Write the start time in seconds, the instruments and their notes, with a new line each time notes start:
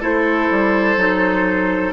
0.00 bassoon A3, clarinet E4, oboe A4, flute C5
0.50 bassoon G3
0.96 bassoon F#3, clarinet D#4